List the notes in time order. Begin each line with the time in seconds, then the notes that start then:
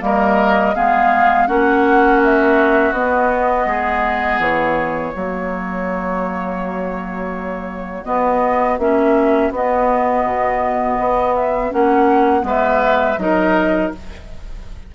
0.00 G3 A#3 A#4 D#5
0.75 G#3 B3 G#4 F5
1.47 A#3 C#4 F#4 F#5
2.24 E5
2.92 B3 D#5
3.66 G#3 G#4
4.38 E3 C#5
5.13 F#3 A#3 F#4
8.04 B3 D#5
8.78 A#3 C#4 E5
9.50 B3 D#5
10.24 B2
10.99 B3
11.35 E5
11.70 A#3 C#4 F#5
12.41 G#3 B3 B4
12.48 E5
13.17 F#3 D#4 A#4 D#5